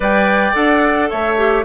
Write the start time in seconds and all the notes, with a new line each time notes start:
0.00 G3 B4 D5 G5
0.53 D4 A4 F#5
1.09 A3 C#5 E5
1.36 G4